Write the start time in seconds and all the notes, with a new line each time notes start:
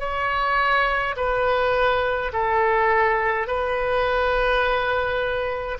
0.00 C#5
1.16 B4
2.33 A4
3.48 B4